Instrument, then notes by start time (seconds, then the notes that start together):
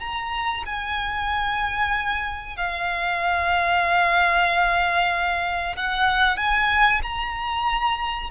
violin
0.00 A#5
0.66 G#5
2.56 F5
5.76 F#5
6.37 G#5
7.02 A#5